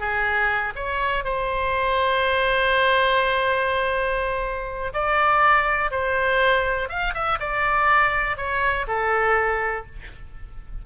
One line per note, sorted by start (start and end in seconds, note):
0.00 0.74 G#4
0.76 1.25 C#5
1.25 4.93 C5
4.94 5.91 D5
5.91 6.90 C5
6.90 7.14 F5
7.14 7.39 E5
7.40 8.37 D5
8.37 8.87 C#5
8.88 9.86 A4